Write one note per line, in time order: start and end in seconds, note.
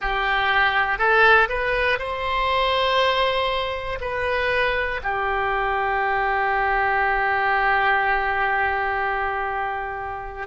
0.00 0.98 G4
0.98 1.48 A4
1.48 1.98 B4
1.98 3.98 C5
4.00 5.00 B4
5.03 10.47 G4